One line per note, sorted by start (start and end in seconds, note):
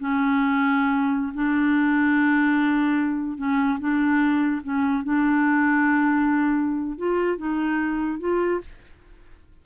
0.00 1.34 C#4
1.35 3.38 D4
3.38 3.79 C#4
3.80 4.62 D4
4.63 5.04 C#4
5.04 6.99 D4
6.99 7.38 F4
7.38 8.20 D#4
8.20 8.61 F4